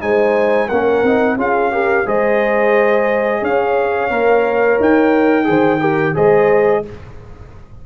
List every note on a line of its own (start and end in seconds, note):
0.00 0.70 G#3
0.00 0.68 D#4
0.00 0.68 C5
0.00 0.69 G#5
0.68 1.03 A#3
0.68 1.05 C#4
0.68 1.36 A#4
0.68 1.37 F#5
1.03 1.37 C4
1.03 1.38 D#4
1.37 2.05 C#4
1.37 1.72 F4
1.37 1.72 G#4
1.37 2.08 F5
1.72 2.06 G4
1.72 2.06 A#4
2.06 3.42 G#3
2.06 4.10 G#4
2.06 3.41 C5
2.06 3.44 D#5
3.41 4.10 C#4
3.41 5.46 C#5
3.41 4.81 F5
4.10 4.78 A#3
4.10 5.44 A#4
4.80 5.48 D#4
4.80 6.16 G5
5.44 6.16 D#3
5.44 5.78 G#4
5.44 5.80 C5
5.80 6.14 G4
5.80 6.14 A#4
6.14 6.86 G#3
6.14 6.83 G#4
6.14 6.83 C5
6.14 6.85 D#5